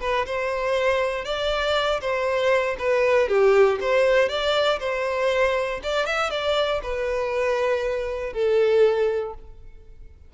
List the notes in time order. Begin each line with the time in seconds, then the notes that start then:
0.00 B4
0.26 C5
1.24 D5
2.01 C5
2.79 B4
3.28 G4
3.81 C5
4.29 D5
4.79 C5
5.83 D5
6.06 E5
6.30 D5
6.83 B4
8.33 A4